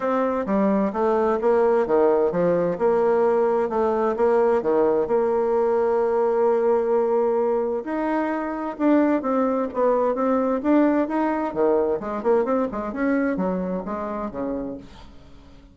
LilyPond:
\new Staff \with { instrumentName = "bassoon" } { \time 4/4 \tempo 4 = 130 c'4 g4 a4 ais4 | dis4 f4 ais2 | a4 ais4 dis4 ais4~ | ais1~ |
ais4 dis'2 d'4 | c'4 b4 c'4 d'4 | dis'4 dis4 gis8 ais8 c'8 gis8 | cis'4 fis4 gis4 cis4 | }